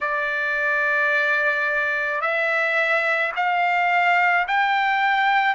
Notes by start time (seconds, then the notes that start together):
0.01 D5
2.21 E5
3.35 F5
4.47 G5